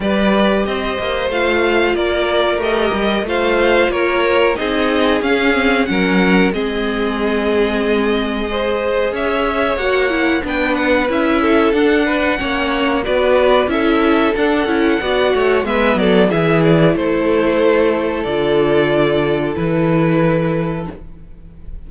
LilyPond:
<<
  \new Staff \with { instrumentName = "violin" } { \time 4/4 \tempo 4 = 92 d''4 dis''4 f''4 d''4 | dis''4 f''4 cis''4 dis''4 | f''4 fis''4 dis''2~ | dis''2 e''4 fis''4 |
g''8 fis''8 e''4 fis''2 | d''4 e''4 fis''2 | e''8 d''8 e''8 d''8 c''2 | d''2 b'2 | }
  \new Staff \with { instrumentName = "violin" } { \time 4/4 b'4 c''2 ais'4~ | ais'4 c''4 ais'4 gis'4~ | gis'4 ais'4 gis'2~ | gis'4 c''4 cis''2 |
b'4. a'4 b'8 cis''4 | b'4 a'2 d''8 cis''8 | b'8 a'8 gis'4 a'2~ | a'1 | }
  \new Staff \with { instrumentName = "viola" } { \time 4/4 g'2 f'2 | g'4 f'2 dis'4 | cis'8 c'8 cis'4 c'2~ | c'4 gis'2 fis'8 e'8 |
d'4 e'4 d'4 cis'4 | fis'4 e'4 d'8 e'8 fis'4 | b4 e'2. | f'2 e'2 | }
  \new Staff \with { instrumentName = "cello" } { \time 4/4 g4 c'8 ais8 a4 ais4 | a8 g8 a4 ais4 c'4 | cis'4 fis4 gis2~ | gis2 cis'4 ais4 |
b4 cis'4 d'4 ais4 | b4 cis'4 d'8 cis'8 b8 a8 | gis8 fis8 e4 a2 | d2 e2 | }
>>